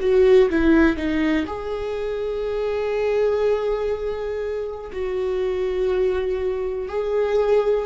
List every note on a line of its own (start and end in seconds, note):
0.00 0.49 F#4
0.50 0.97 E4
0.97 1.46 D#4
1.47 4.91 G#4
4.92 6.89 F#4
6.89 7.86 G#4